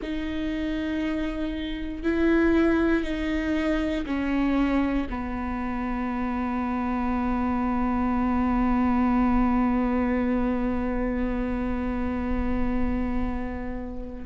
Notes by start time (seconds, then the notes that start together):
0.01 D#4
2.03 E4
3.03 D#4
4.05 C#4
5.09 B3